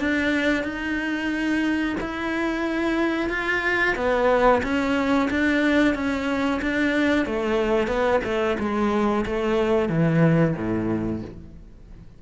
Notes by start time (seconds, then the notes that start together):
0.00 D4
0.64 D#4
2.01 E4
3.30 F4
3.96 B3
4.63 C#4
5.30 D4
5.95 C#4
6.62 D4
7.26 A3
7.87 B3
8.24 A3
8.59 G#3
9.26 A3
9.89 E3
10.56 A2